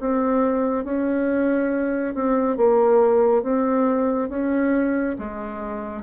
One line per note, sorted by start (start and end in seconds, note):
0.00 0.85 C4
0.85 2.15 C#4
2.15 2.57 C4
2.57 3.43 A#3
3.43 4.30 C4
4.30 5.17 C#4
5.19 6.03 G#3